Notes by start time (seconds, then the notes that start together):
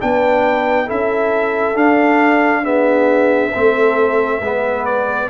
0.00 B3 D4 B4 G5
0.86 C#4 E4 A4 E5
1.74 D4 F5
2.63 B3 G#4 E5
3.52 A3 C4 A4
4.40 G#3 B3 B4
4.85 D5